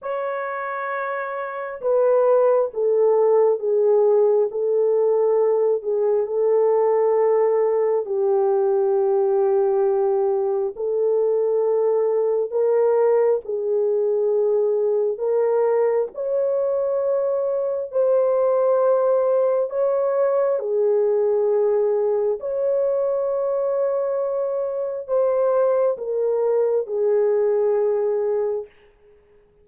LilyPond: \new Staff \with { instrumentName = "horn" } { \time 4/4 \tempo 4 = 67 cis''2 b'4 a'4 | gis'4 a'4. gis'8 a'4~ | a'4 g'2. | a'2 ais'4 gis'4~ |
gis'4 ais'4 cis''2 | c''2 cis''4 gis'4~ | gis'4 cis''2. | c''4 ais'4 gis'2 | }